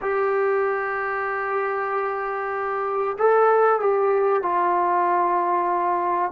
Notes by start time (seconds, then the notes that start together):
0.01 G4
3.18 A4
3.80 G4
4.42 F4